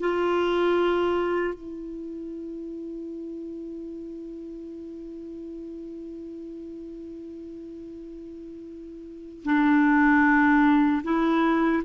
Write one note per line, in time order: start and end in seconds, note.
0.00 1.54 F4
1.54 9.43 E4
9.44 11.02 D4
11.04 11.83 E4